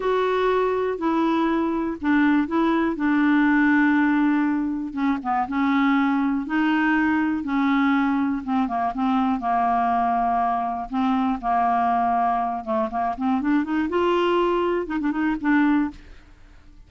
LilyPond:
\new Staff \with { instrumentName = "clarinet" } { \time 4/4 \tempo 4 = 121 fis'2 e'2 | d'4 e'4 d'2~ | d'2 cis'8 b8 cis'4~ | cis'4 dis'2 cis'4~ |
cis'4 c'8 ais8 c'4 ais4~ | ais2 c'4 ais4~ | ais4. a8 ais8 c'8 d'8 dis'8 | f'2 dis'16 d'16 dis'8 d'4 | }